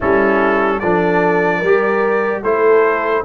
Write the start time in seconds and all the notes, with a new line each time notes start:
0.00 G3 C#4 E4 A4
0.79 F3 D4 A4 D5
1.58 G3 A#4
1.65 G4
2.43 A3 E4 A4 C5